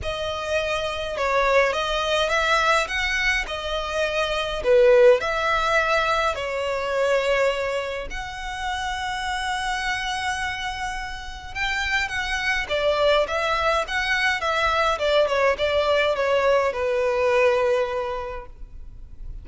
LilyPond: \new Staff \with { instrumentName = "violin" } { \time 4/4 \tempo 4 = 104 dis''2 cis''4 dis''4 | e''4 fis''4 dis''2 | b'4 e''2 cis''4~ | cis''2 fis''2~ |
fis''1 | g''4 fis''4 d''4 e''4 | fis''4 e''4 d''8 cis''8 d''4 | cis''4 b'2. | }